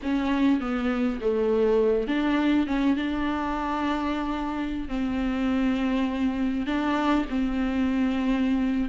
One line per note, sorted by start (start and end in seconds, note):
0.02 0.60 C#4
0.60 1.19 B3
1.20 2.07 A3
2.07 2.67 D4
2.67 2.96 C#4
2.96 4.88 D4
4.88 6.66 C4
6.66 7.25 D4
7.29 8.89 C4